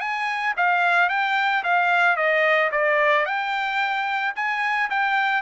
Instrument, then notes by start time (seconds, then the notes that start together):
trumpet
0.00 G#5
0.57 F5
1.09 G5
1.64 F5
2.16 D#5
2.71 D5
3.26 G5
4.36 G#5
4.90 G5